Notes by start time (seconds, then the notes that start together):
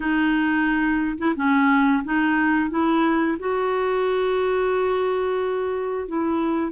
0.00 D#4
1.18 E4
1.35 C#4
2.04 D#4
2.70 E4
3.39 F#4
6.08 E4